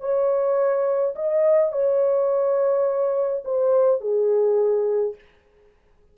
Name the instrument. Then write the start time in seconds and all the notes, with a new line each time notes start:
horn
0.00 C#5
1.15 D#5
1.72 C#5
3.44 C5
4.00 G#4